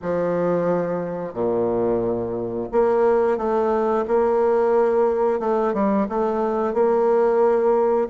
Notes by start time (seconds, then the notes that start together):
0.02 F3
1.33 A#2
2.72 A#3
3.37 A3
4.07 A#3
5.39 A3
5.73 G3
6.09 A3
6.73 A#3